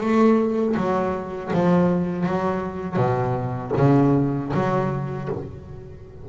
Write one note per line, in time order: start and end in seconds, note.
0.00 0.75 A3
0.76 1.51 F#3
1.53 2.26 F3
2.26 2.96 F#3
2.96 3.71 B2
3.77 4.52 C#3
4.53 5.28 F#3